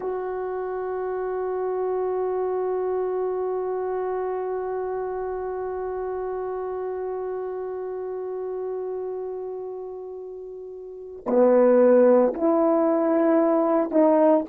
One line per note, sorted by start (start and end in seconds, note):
0.00 11.23 F#4
11.26 12.33 B3
12.34 13.90 E4
13.90 14.44 D#4